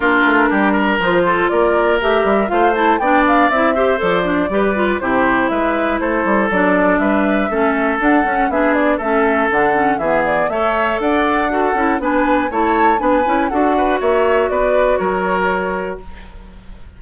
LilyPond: <<
  \new Staff \with { instrumentName = "flute" } { \time 4/4 \tempo 4 = 120 ais'2 c''4 d''4 | e''4 f''8 a''8 g''8 f''8 e''4 | d''2 c''4 e''4 | c''4 d''4 e''2 |
fis''4 e''8 d''8 e''4 fis''4 | e''8 d''8 e''4 fis''2 | gis''4 a''4 gis''4 fis''4 | e''4 d''4 cis''2 | }
  \new Staff \with { instrumentName = "oboe" } { \time 4/4 f'4 g'8 ais'4 a'8 ais'4~ | ais'4 c''4 d''4. c''8~ | c''4 b'4 g'4 b'4 | a'2 b'4 a'4~ |
a'4 gis'4 a'2 | gis'4 cis''4 d''4 a'4 | b'4 cis''4 b'4 a'8 b'8 | cis''4 b'4 ais'2 | }
  \new Staff \with { instrumentName = "clarinet" } { \time 4/4 d'2 f'2 | g'4 f'8 e'8 d'4 e'8 g'8 | a'8 d'8 g'8 f'8 e'2~ | e'4 d'2 cis'4 |
d'8 cis'8 d'4 cis'4 d'8 cis'8 | b4 a'2 fis'8 e'8 | d'4 e'4 d'8 e'8 fis'4~ | fis'1 | }
  \new Staff \with { instrumentName = "bassoon" } { \time 4/4 ais8 a8 g4 f4 ais4 | a8 g8 a4 b4 c'4 | f4 g4 c4 gis4 | a8 g8 fis4 g4 a4 |
d'8 cis'8 b4 a4 d4 | e4 a4 d'4. cis'8 | b4 a4 b8 cis'8 d'4 | ais4 b4 fis2 | }
>>